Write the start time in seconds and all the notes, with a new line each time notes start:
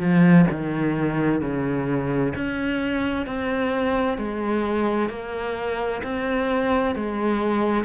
0.00 F3
0.51 D#3
1.41 C#3
2.35 C#4
3.26 C4
4.18 G#3
5.09 A#3
6.03 C4
6.96 G#3